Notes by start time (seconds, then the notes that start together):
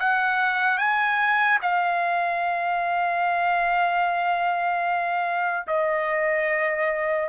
0.00 F#5
0.78 G#5
1.61 F5
5.68 D#5